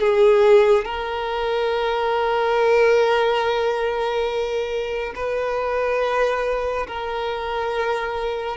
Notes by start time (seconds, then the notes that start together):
0.00 G#4
0.85 A#4
5.15 B4
6.87 A#4